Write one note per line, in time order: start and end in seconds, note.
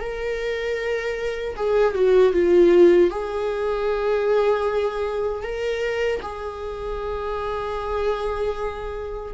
0.00 1.56 A#4
1.56 1.95 G#4
1.95 2.33 F#4
2.33 3.11 F4
3.11 5.43 G#4
5.43 6.21 A#4
6.22 9.34 G#4